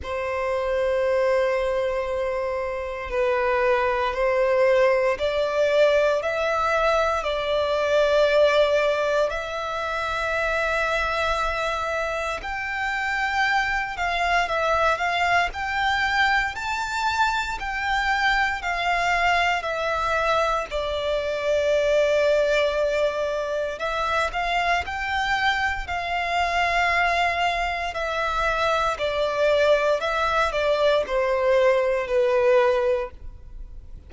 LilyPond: \new Staff \with { instrumentName = "violin" } { \time 4/4 \tempo 4 = 58 c''2. b'4 | c''4 d''4 e''4 d''4~ | d''4 e''2. | g''4. f''8 e''8 f''8 g''4 |
a''4 g''4 f''4 e''4 | d''2. e''8 f''8 | g''4 f''2 e''4 | d''4 e''8 d''8 c''4 b'4 | }